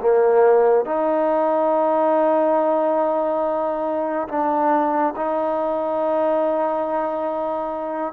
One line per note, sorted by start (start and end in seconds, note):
0.00 0.85 A#3
0.85 4.28 D#4
4.28 5.14 D4
5.16 8.13 D#4